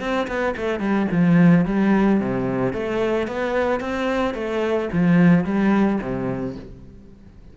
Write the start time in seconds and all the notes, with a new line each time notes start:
0.00 C4
0.28 B3
0.57 A3
0.80 G3
1.12 F3
1.66 G3
2.20 C3
2.73 A3
3.28 B3
3.80 C4
4.34 A3
4.93 F3
5.45 G3
6.01 C3